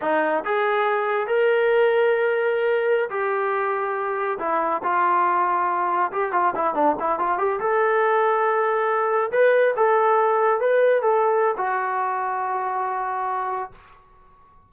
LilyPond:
\new Staff \with { instrumentName = "trombone" } { \time 4/4 \tempo 4 = 140 dis'4 gis'2 ais'4~ | ais'2.~ ais'16 g'8.~ | g'2~ g'16 e'4 f'8.~ | f'2~ f'16 g'8 f'8 e'8 d'16~ |
d'16 e'8 f'8 g'8 a'2~ a'16~ | a'4.~ a'16 b'4 a'4~ a'16~ | a'8. b'4 a'4~ a'16 fis'4~ | fis'1 | }